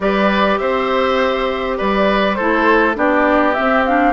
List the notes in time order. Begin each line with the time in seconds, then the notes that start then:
0.00 G3 G4 B4 D5
0.58 C4 C5 E5
1.77 G3 B4 D5
2.34 A3 E4 A4 C5
2.94 B3 D4 G4 D5
3.53 C4 E5
3.59 C4
3.85 D4 F5